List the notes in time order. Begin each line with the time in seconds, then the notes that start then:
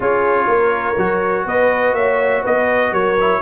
0.00 C#4 F4 G#4 C#5
0.47 A#3 A#4
0.97 F#3 F#4
1.45 B3 B4 D#5
1.93 A#3 C#5 E5
2.42 B3 B4 D#5
2.91 F#3 A#4 C#5
3.20 E4